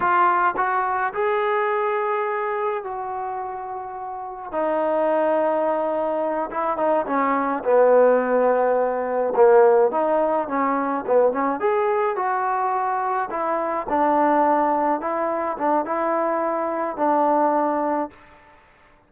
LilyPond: \new Staff \with { instrumentName = "trombone" } { \time 4/4 \tempo 4 = 106 f'4 fis'4 gis'2~ | gis'4 fis'2. | dis'2.~ dis'8 e'8 | dis'8 cis'4 b2~ b8~ |
b8 ais4 dis'4 cis'4 b8 | cis'8 gis'4 fis'2 e'8~ | e'8 d'2 e'4 d'8 | e'2 d'2 | }